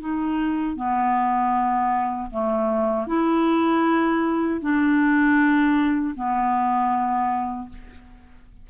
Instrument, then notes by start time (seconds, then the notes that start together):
clarinet
0.00 D#4
0.76 B3
2.31 A3
3.07 E4
4.61 D4
6.15 B3